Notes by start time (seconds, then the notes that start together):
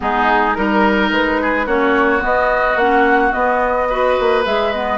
0.00 G#3 B3 D#4 G#4
0.54 G3 D#4 A#4
1.11 G#3 B4
1.41 G#4
1.66 A#3 C#4 F#4 C#5
2.19 B3 D#5
2.75 A#3 C#4 F#5
3.31 B3 D#5
3.89 F#4 B4
4.19 A#3
4.44 G#3 G#4 E5
4.72 B3 D#5